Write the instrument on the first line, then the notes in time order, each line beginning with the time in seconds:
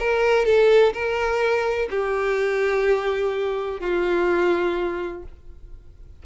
violin
0.00 A#4
0.46 A4
0.94 A#4
1.91 G4
3.81 F4